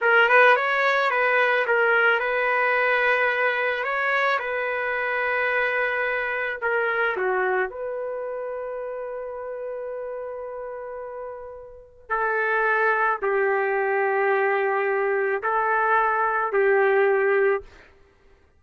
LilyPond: \new Staff \with { instrumentName = "trumpet" } { \time 4/4 \tempo 4 = 109 ais'8 b'8 cis''4 b'4 ais'4 | b'2. cis''4 | b'1 | ais'4 fis'4 b'2~ |
b'1~ | b'2 a'2 | g'1 | a'2 g'2 | }